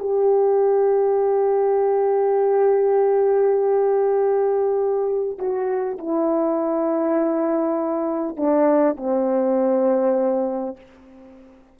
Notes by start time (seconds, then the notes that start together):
0.00 G4
5.39 F#4
5.98 E4
8.37 D4
8.97 C4